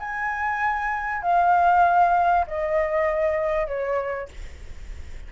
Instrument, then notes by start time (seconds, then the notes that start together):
flute
0.00 G#5
1.22 F5
2.47 D#5
3.67 C#5